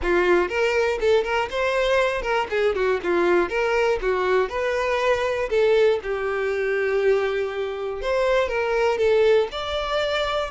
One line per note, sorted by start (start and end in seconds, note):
0.02 0.48 F4
0.48 0.98 A#4
1.00 1.23 A4
1.23 1.48 A#4
1.50 2.22 C5
2.22 2.47 A#4
2.50 2.75 G#4
2.75 3.00 F#4
3.03 3.49 F4
3.49 3.99 A#4
4.01 4.49 F#4
4.49 5.49 B4
5.49 5.99 A4
6.02 8.01 G4
8.01 8.48 C5
8.48 8.97 A#4
8.97 9.47 A4
9.51 10.50 D5